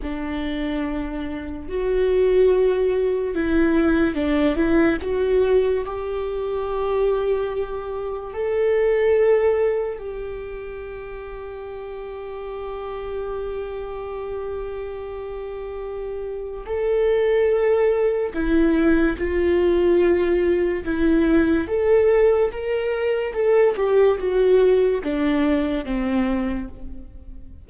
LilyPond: \new Staff \with { instrumentName = "viola" } { \time 4/4 \tempo 4 = 72 d'2 fis'2 | e'4 d'8 e'8 fis'4 g'4~ | g'2 a'2 | g'1~ |
g'1 | a'2 e'4 f'4~ | f'4 e'4 a'4 ais'4 | a'8 g'8 fis'4 d'4 c'4 | }